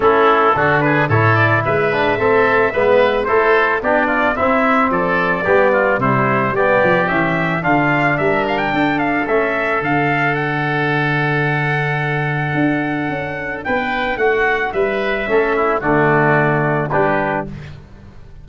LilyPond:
<<
  \new Staff \with { instrumentName = "trumpet" } { \time 4/4 \tempo 4 = 110 a'4. b'8 cis''8 d''8 e''4~ | e''2 c''4 d''4 | e''4 d''2 c''4 | d''4 e''4 f''4 e''8 f''16 g''16~ |
g''8 f''8 e''4 f''4 fis''4~ | fis''1~ | fis''4 g''4 fis''4 e''4~ | e''4 d''2 b'4 | }
  \new Staff \with { instrumentName = "oboe" } { \time 4/4 e'4 fis'8 gis'8 a'4 b'4 | a'4 b'4 a'4 g'8 f'8 | e'4 a'4 g'8 f'8 e'4 | g'2 f'4 ais'4 |
a'1~ | a'1~ | a'4 b'4 fis'4 b'4 | a'8 e'8 fis'2 g'4 | }
  \new Staff \with { instrumentName = "trombone" } { \time 4/4 cis'4 d'4 e'4. d'8 | c'4 b4 e'4 d'4 | c'2 b4 g4 | b4 cis'4 d'2~ |
d'4 cis'4 d'2~ | d'1~ | d'1 | cis'4 a2 d'4 | }
  \new Staff \with { instrumentName = "tuba" } { \time 4/4 a4 d4 a,4 gis4 | a4 gis4 a4 b4 | c'4 f4 g4 c4 | g8 f8 e4 d4 g4 |
d'4 a4 d2~ | d2. d'4 | cis'4 b4 a4 g4 | a4 d2 g4 | }
>>